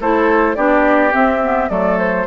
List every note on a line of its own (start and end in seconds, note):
0.00 0.56 A3
0.00 0.56 E4
0.00 0.56 A4
0.00 0.55 C5
0.55 1.13 B3
0.55 1.11 D4
0.55 1.70 G4
0.55 1.13 D5
1.11 1.39 C4
1.11 1.70 C4
1.11 1.69 E5
1.43 1.69 B3
1.69 2.26 F#3
1.69 2.26 A3
1.69 2.26 A4
1.69 1.98 D5
1.99 2.26 C5